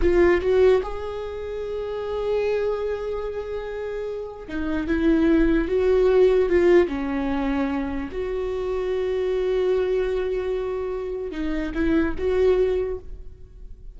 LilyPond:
\new Staff \with { instrumentName = "viola" } { \time 4/4 \tempo 4 = 148 f'4 fis'4 gis'2~ | gis'1~ | gis'2. dis'4 | e'2 fis'2 |
f'4 cis'2. | fis'1~ | fis'1 | dis'4 e'4 fis'2 | }